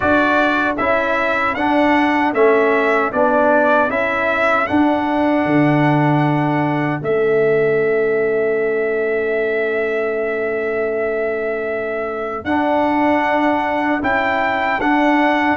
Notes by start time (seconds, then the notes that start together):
0.00 D4 F#4 A4 D5
0.77 C#4 E4 E5
1.55 D4 F#5
2.33 A3 C#4 E5
3.12 B3 D4 D5
3.89 C#4 E4 E5
4.66 D4 F#5
5.45 D3
7.00 A3 C#4 E5
12.44 D4 F#5
14.01 C#4 E4 G5
14.78 D4 F#5